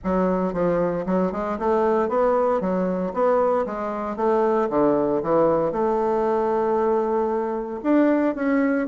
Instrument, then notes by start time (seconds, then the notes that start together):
bassoon
0.04 F#3
0.53 F3
1.06 F#3
1.32 G#3
1.58 A3
2.08 B3
2.60 F#3
3.13 B3
3.65 G#3
4.16 A3
4.69 D3
5.22 E3
5.71 A3
7.83 D4
8.35 C#4